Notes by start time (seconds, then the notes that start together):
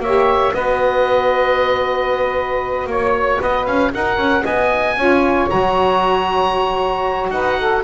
0.00 A#3 G4 C#5 E5
0.54 B3 F#4 B4 D#5
2.87 A#3 C#5
3.40 B3 B4 D#5
3.66 C#4 F5
3.94 D#4 A#4 F#5
4.18 C#4
4.44 B3 D#5 G#5
4.97 C#4 F4 C#5
5.50 F#3 F#4 A#5
7.31 D#4 B4 F#5
7.59 A4